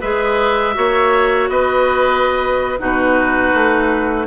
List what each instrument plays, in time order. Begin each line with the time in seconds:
0.00 bassoon G#3, clarinet G#4, oboe B4 E5
0.73 bassoon A#3, clarinet F#4, oboe C#5
1.49 bassoon B3, oboe B4 D#5
2.78 bassoon B2, clarinet D#4, oboe F#4 B4
3.54 bassoon A3